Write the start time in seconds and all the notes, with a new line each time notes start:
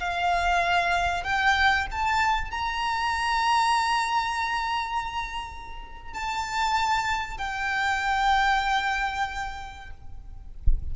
0.00 F5
1.24 G5
1.91 A5
2.51 A#5
6.14 A5
7.38 G5